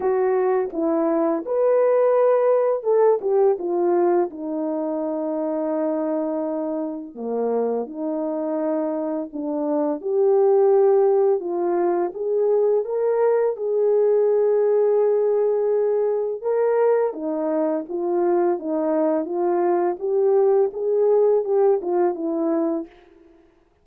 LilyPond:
\new Staff \with { instrumentName = "horn" } { \time 4/4 \tempo 4 = 84 fis'4 e'4 b'2 | a'8 g'8 f'4 dis'2~ | dis'2 ais4 dis'4~ | dis'4 d'4 g'2 |
f'4 gis'4 ais'4 gis'4~ | gis'2. ais'4 | dis'4 f'4 dis'4 f'4 | g'4 gis'4 g'8 f'8 e'4 | }